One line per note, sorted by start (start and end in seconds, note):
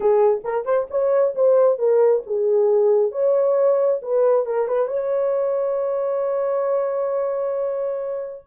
0.00 0.41 G#4
0.44 0.65 A#4
0.65 0.87 C5
0.90 1.34 C#5
1.35 1.78 C5
1.78 2.22 A#4
2.26 3.11 G#4
3.11 4.00 C#5
4.02 4.46 B4
4.46 4.67 A#4
4.67 4.87 B4
4.87 8.43 C#5